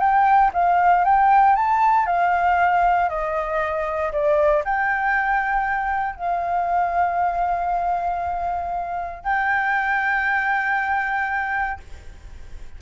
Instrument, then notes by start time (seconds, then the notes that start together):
flute
0.00 G5
0.54 F5
1.05 G5
1.56 A5
2.07 F5
3.09 D#5
4.12 D5
4.65 G5
6.16 F5
9.24 G5